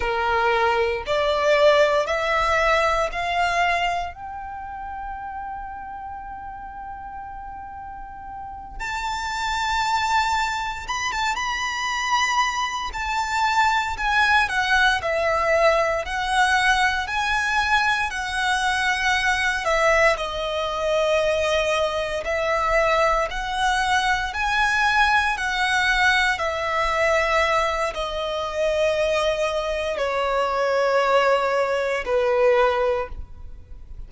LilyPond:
\new Staff \with { instrumentName = "violin" } { \time 4/4 \tempo 4 = 58 ais'4 d''4 e''4 f''4 | g''1~ | g''8 a''2 b''16 a''16 b''4~ | b''8 a''4 gis''8 fis''8 e''4 fis''8~ |
fis''8 gis''4 fis''4. e''8 dis''8~ | dis''4. e''4 fis''4 gis''8~ | gis''8 fis''4 e''4. dis''4~ | dis''4 cis''2 b'4 | }